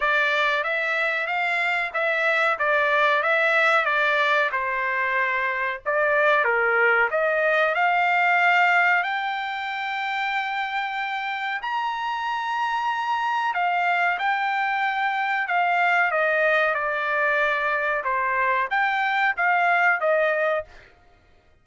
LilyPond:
\new Staff \with { instrumentName = "trumpet" } { \time 4/4 \tempo 4 = 93 d''4 e''4 f''4 e''4 | d''4 e''4 d''4 c''4~ | c''4 d''4 ais'4 dis''4 | f''2 g''2~ |
g''2 ais''2~ | ais''4 f''4 g''2 | f''4 dis''4 d''2 | c''4 g''4 f''4 dis''4 | }